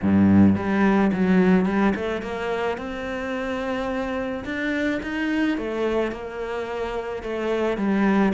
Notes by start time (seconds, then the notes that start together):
0.02 G2
0.55 G3
1.12 F#3
1.65 G3
1.95 A3
2.22 A#3
2.77 C4
4.44 D4
5.03 D#4
5.57 A3
6.11 A#3
7.22 A3
7.77 G3